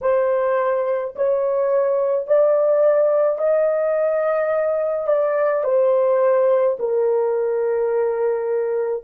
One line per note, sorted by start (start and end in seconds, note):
0.01 1.14 C5
1.15 2.27 C#5
2.27 3.38 D5
3.38 5.07 D#5
5.07 5.63 D5
5.63 6.77 C5
6.79 9.03 A#4